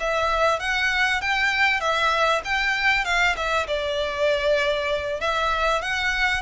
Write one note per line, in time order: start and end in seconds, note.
0.00 0.60 E5
0.60 1.21 F#5
1.21 1.80 G5
1.80 2.42 E5
2.45 3.05 G5
3.05 3.36 F5
3.36 3.67 E5
3.67 5.20 D5
5.21 5.82 E5
5.82 6.42 F#5